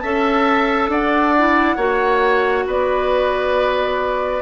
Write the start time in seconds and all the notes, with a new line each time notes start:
0.00 C#4 A4 E5 A5
0.89 D4 D5 F#5
1.38 E4
1.77 A#3 F#4 C#5
2.67 B3 B4 D5